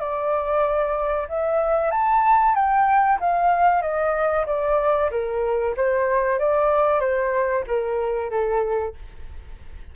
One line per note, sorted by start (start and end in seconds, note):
0.00 1.28 D5
1.29 1.91 E5
1.91 2.55 A5
2.55 3.19 G5
3.21 3.82 F5
3.82 4.46 D#5
4.47 5.10 D5
5.11 5.75 A#4
5.77 6.39 C5
6.39 7.01 D5
7.01 7.65 C5
7.67 8.30 A#4
8.30 8.94 A4